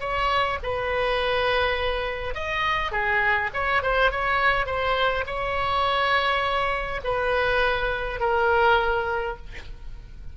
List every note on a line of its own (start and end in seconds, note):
0.00 0.58 C#5
0.63 2.35 B4
2.35 2.92 D#5
2.92 3.50 G#4
3.53 3.82 C#5
3.82 4.11 C5
4.11 4.66 C#5
4.66 5.24 C5
5.26 7.01 C#5
7.04 8.20 B4
8.20 9.37 A#4